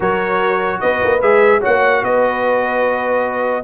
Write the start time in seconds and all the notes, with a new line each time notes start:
0.00 F#3 F#4 A#4 C#5
0.80 B3 B4 D#5
1.03 A#3
1.21 G#3 G#4 E5
1.60 F#4 C#5 F#5
1.66 A#3
2.02 B3 B4 D#5